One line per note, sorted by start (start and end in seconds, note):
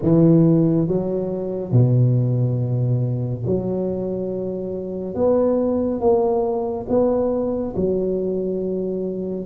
0.02 0.87 E3
0.87 1.71 F#3
1.71 3.43 B2
3.46 5.14 F#3
5.14 6.00 B3
6.00 6.86 A#3
6.88 7.74 B3
7.76 9.45 F#3